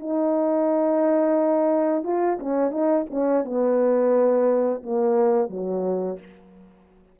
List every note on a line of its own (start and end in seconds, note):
0.00 2.04 D#4
2.04 2.38 F4
2.40 2.71 C#4
2.71 3.05 D#4
3.10 3.45 C#4
3.45 4.82 B3
4.83 5.50 A#3
5.50 6.19 F#3